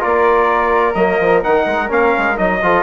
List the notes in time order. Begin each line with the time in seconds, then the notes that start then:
0.00 A#3 F4 A#4 D5
0.95 F#3 A#3 D#5
1.20 F3
1.44 D#3 D#4 F#5
1.66 G#3
1.89 A#3 C#4 F5
2.18 G#3
2.36 F#3 D#4 D#5
2.63 F3 F4 A4